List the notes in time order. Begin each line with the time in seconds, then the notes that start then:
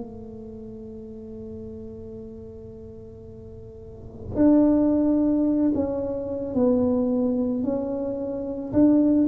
0.00 A3
4.35 D4
5.74 C#4
6.55 B3
7.64 C#4
8.73 D4